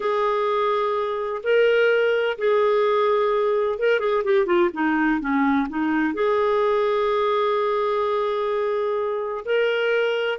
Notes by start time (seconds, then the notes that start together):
0.00 G#4
1.43 A#4
2.38 G#4
3.79 A#4
3.99 G#4
4.24 G4
4.46 F4
4.73 D#4
5.20 C#4
5.69 D#4
6.14 G#4
9.45 A#4